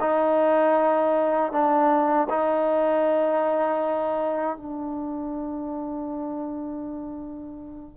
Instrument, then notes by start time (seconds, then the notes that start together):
trombone
0.00 D#4
1.52 D4
2.29 D#4
4.57 D4